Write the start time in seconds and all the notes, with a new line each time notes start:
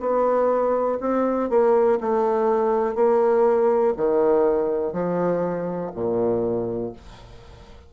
0.00 B3
1.00 C4
1.49 A#3
2.01 A3
2.95 A#3
3.97 D#3
4.93 F3
5.94 A#2